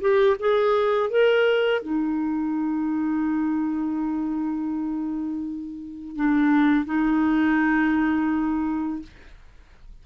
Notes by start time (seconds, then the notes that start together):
0.00 G4
0.39 G#4
1.09 A#4
1.82 D#4
6.15 D4
6.85 D#4